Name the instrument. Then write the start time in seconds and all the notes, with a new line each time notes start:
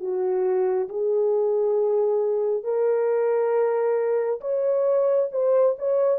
horn
0.00 F#4
0.89 G#4
2.64 A#4
4.41 C#5
5.31 C5
5.78 C#5